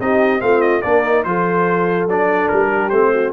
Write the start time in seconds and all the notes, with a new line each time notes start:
0.00 C4 D#4 G4 D#5
0.40 A3 C4 F4 F5
0.61 D#5
0.82 A#3 D4 A#4 D5
1.05 D#4
1.24 F3 F4 A4 C5
2.08 F#3 D4 D5
2.49 G3 A#4
2.70 G4
2.90 A3 C4 C5
3.12 F#4